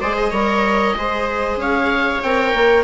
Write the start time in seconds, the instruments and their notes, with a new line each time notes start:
0.00 bassoon G#3, viola G#4 C5, oboe D5
0.16 oboe D#5
0.31 bassoon G3, viola A#4 C#5
0.95 bassoon G#3, viola G#4 C5
1.56 bassoon C#4, viola C#5, oboe F5
2.23 bassoon C4, viola A#4, oboe G5
2.54 bassoon A#3